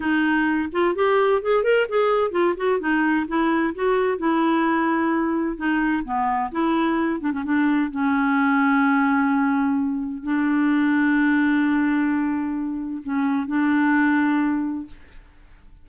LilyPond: \new Staff \with { instrumentName = "clarinet" } { \time 4/4 \tempo 4 = 129 dis'4. f'8 g'4 gis'8 ais'8 | gis'4 f'8 fis'8 dis'4 e'4 | fis'4 e'2. | dis'4 b4 e'4. d'16 cis'16 |
d'4 cis'2.~ | cis'2 d'2~ | d'1 | cis'4 d'2. | }